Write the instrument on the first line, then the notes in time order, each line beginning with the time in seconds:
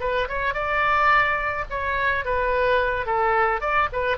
oboe
0.00 B4
0.29 C#5
0.54 D5
1.70 C#5
2.25 B4
3.06 A4
3.61 D5
3.92 B4